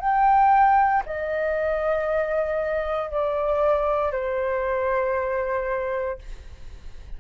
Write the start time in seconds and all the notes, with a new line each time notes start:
0.00 G5
1.06 D#5
3.11 D5
4.12 C5